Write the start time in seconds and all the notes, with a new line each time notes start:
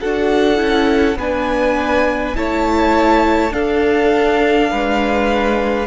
0.00 D4 F#4 A4 F#5
0.57 C#4 E4
1.16 B3 D4 B4 G#5
2.36 A3 E4 C#5 A5
3.51 D4 A4 F5
4.71 G#3 B4